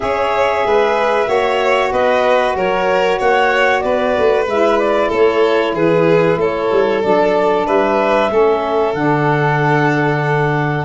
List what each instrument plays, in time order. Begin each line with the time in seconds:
0.00 tuba C#4, saxophone G#4, violin C#5, clarinet E5
0.65 tuba G#3, violin B4
1.25 tuba A#3, saxophone F#4, violin C#5
1.91 tuba B3, violin B4, clarinet D#5
2.55 tuba F#3, violin A#4, clarinet C#5
3.18 tuba A#3, violin C#5, clarinet F#5
3.80 tuba B3, violin B4, clarinet D5
4.18 tuba A3
4.47 tuba G#3, saxophone E4, clarinet E5
4.79 clarinet D5
5.08 tuba A3, violin A4, clarinet C#5
5.72 tuba E3, violin G#4, clarinet B4
6.36 tuba A3, violin A4, clarinet C#5
6.71 tuba G3
7.02 tuba F#3, saxophone D4, clarinet D5
7.66 tuba G3, violin B4, clarinet E5
8.29 tuba A3, saxophone C#4, violin A4
8.93 tuba D3, saxophone D4, clarinet F#5